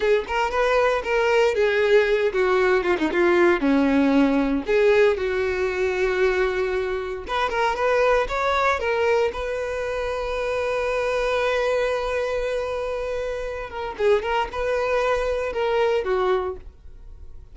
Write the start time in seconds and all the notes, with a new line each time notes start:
0.00 G#4
0.27 A#4
0.50 B4
1.03 A#4
1.54 G#4
2.32 F#4
2.83 F4
2.98 D#4
3.12 F4
3.60 C#4
4.66 G#4
5.17 F#4
7.27 B4
7.49 A#4
7.75 B4
8.28 C#5
8.79 A#4
9.32 B4
13.70 A#4
13.97 G#4
14.22 A#4
14.52 B4
15.53 A#4
16.04 F#4